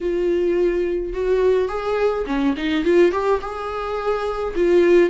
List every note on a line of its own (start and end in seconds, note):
0.00 1.13 F4
1.13 1.68 F#4
1.68 2.25 G#4
2.26 2.54 C#4
2.56 2.84 D#4
2.84 3.11 F4
3.11 3.40 G4
3.41 4.54 G#4
4.55 5.09 F4